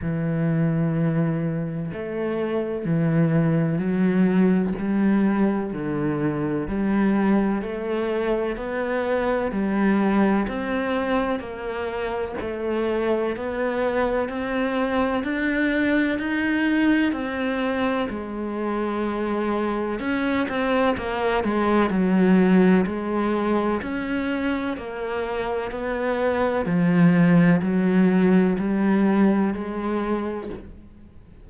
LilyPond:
\new Staff \with { instrumentName = "cello" } { \time 4/4 \tempo 4 = 63 e2 a4 e4 | fis4 g4 d4 g4 | a4 b4 g4 c'4 | ais4 a4 b4 c'4 |
d'4 dis'4 c'4 gis4~ | gis4 cis'8 c'8 ais8 gis8 fis4 | gis4 cis'4 ais4 b4 | f4 fis4 g4 gis4 | }